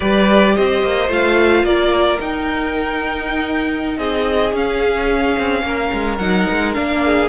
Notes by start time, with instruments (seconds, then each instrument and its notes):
0.00 cello G3, viola G4, violin B4 D5
0.55 cello C4, violin C5 D#5
0.82 cello A#3
1.08 cello A3, viola F4, violin F5
1.63 cello A#3, violin A#4 D5
2.20 cello D#4, viola D#4, violin G5
3.97 cello C4, violin G#4 D#5
4.53 cello C#4, viola C#4, violin F5
5.38 cello C4
5.62 cello A#3, violin A#4
5.92 cello G#3
6.17 cello F#3, viola D#4, violin F#5
6.50 cello G#3
6.73 cello A#3, viola D4, violin F5
7.05 violin G#4